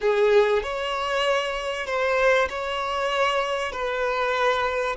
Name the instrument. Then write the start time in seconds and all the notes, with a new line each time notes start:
violin
0.01 G#4
0.62 C#5
1.86 C5
2.49 C#5
3.72 B4